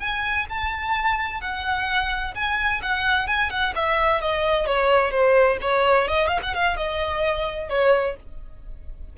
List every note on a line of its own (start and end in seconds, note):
0.00 0.47 G#5
0.50 1.42 A5
1.42 2.35 F#5
2.35 2.82 G#5
2.83 3.28 F#5
3.28 3.51 G#5
3.51 3.74 F#5
3.76 4.21 E5
4.21 4.67 D#5
4.67 5.12 C#5
5.12 5.58 C5
5.62 6.08 C#5
6.08 6.28 D#5
6.28 6.40 F5
6.43 6.55 F#5
6.55 6.77 F5
6.77 7.70 D#5
7.70 8.16 C#5